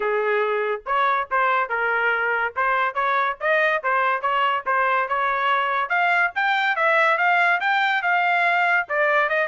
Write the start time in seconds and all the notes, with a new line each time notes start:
0.00 G#4
0.86 C#5
1.31 C5
1.69 A#4
2.56 C5
2.94 C#5
3.40 D#5
3.83 C5
4.21 C#5
4.66 C5
5.08 C#5
5.89 F5
6.35 G5
6.76 E5
7.17 F5
7.60 G5
8.02 F5
8.88 D5
9.29 D#5